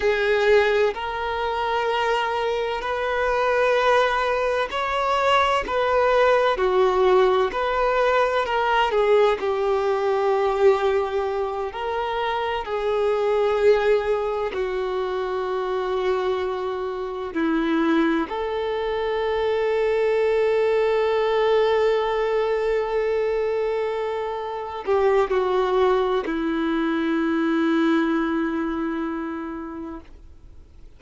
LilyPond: \new Staff \with { instrumentName = "violin" } { \time 4/4 \tempo 4 = 64 gis'4 ais'2 b'4~ | b'4 cis''4 b'4 fis'4 | b'4 ais'8 gis'8 g'2~ | g'8 ais'4 gis'2 fis'8~ |
fis'2~ fis'8 e'4 a'8~ | a'1~ | a'2~ a'8 g'8 fis'4 | e'1 | }